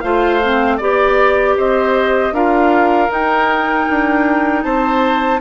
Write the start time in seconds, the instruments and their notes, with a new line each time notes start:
0.00 bassoon A3, clarinet F4, oboe C5, flute F5
0.42 clarinet C4
0.77 bassoon B3, clarinet G4, oboe D5, flute D5
1.57 bassoon C4, oboe C5, flute D#5
2.32 bassoon D4, clarinet F4, oboe A#4, flute F5
3.09 clarinet D#4, bassoon D#4, flute G5
3.89 bassoon D4
4.63 bassoon C4, oboe C5, flute A5